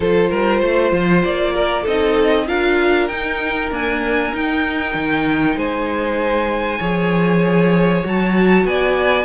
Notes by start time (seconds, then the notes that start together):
0.00 F3 F4 A4 C5
0.30 G3 A#4
0.60 A3 C5
0.92 F3
1.24 A#3 D5
1.55 A#4
1.82 C4 D#4 A4 D#5
2.47 D4 F4 A#4 F5
3.07 D#4 G5
3.70 A#3 D4 G#5
4.33 D#4 G5
4.94 D#3
5.55 G#3 C5 G#5
6.78 F3 G#4 C#5
8.03 F#3 F#4 A5
8.64 B3 D5 G#5